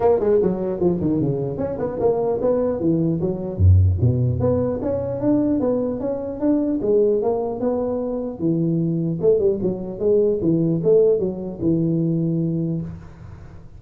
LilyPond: \new Staff \with { instrumentName = "tuba" } { \time 4/4 \tempo 4 = 150 ais8 gis8 fis4 f8 dis8 cis4 | cis'8 b8 ais4 b4 e4 | fis4 fis,4 b,4 b4 | cis'4 d'4 b4 cis'4 |
d'4 gis4 ais4 b4~ | b4 e2 a8 g8 | fis4 gis4 e4 a4 | fis4 e2. | }